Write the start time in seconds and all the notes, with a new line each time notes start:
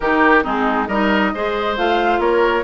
0.00 D#3 D#4 G4 A#4
0.43 G#3 C4 D#4 G#4
0.87 G3 D#4 A#4 D#5
1.34 G#3 G#4 C5
1.76 A3 F4 F5
2.18 A#3 A#4 C#5